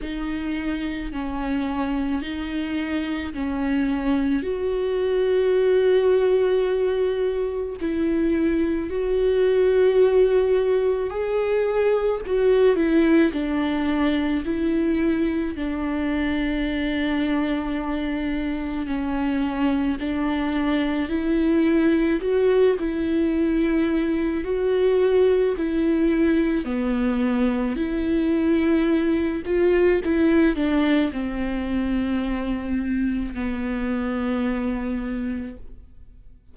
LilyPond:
\new Staff \with { instrumentName = "viola" } { \time 4/4 \tempo 4 = 54 dis'4 cis'4 dis'4 cis'4 | fis'2. e'4 | fis'2 gis'4 fis'8 e'8 | d'4 e'4 d'2~ |
d'4 cis'4 d'4 e'4 | fis'8 e'4. fis'4 e'4 | b4 e'4. f'8 e'8 d'8 | c'2 b2 | }